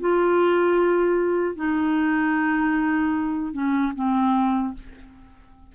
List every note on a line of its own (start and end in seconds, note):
0.00 1.55 F4
1.55 3.53 D#4
3.53 3.92 C#4
3.95 4.74 C4